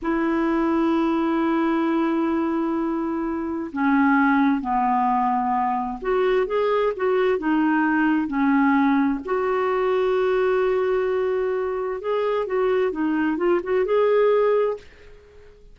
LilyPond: \new Staff \with { instrumentName = "clarinet" } { \time 4/4 \tempo 4 = 130 e'1~ | e'1 | cis'2 b2~ | b4 fis'4 gis'4 fis'4 |
dis'2 cis'2 | fis'1~ | fis'2 gis'4 fis'4 | dis'4 f'8 fis'8 gis'2 | }